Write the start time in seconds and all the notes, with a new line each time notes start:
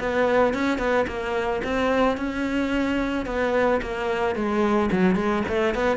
0.00 B3
0.54 C#4
0.79 B3
1.08 A#3
1.64 C4
2.17 C#4
3.26 B3
3.82 A#3
4.36 G#3
4.92 F#3
5.16 G#3
5.48 A3
5.75 B3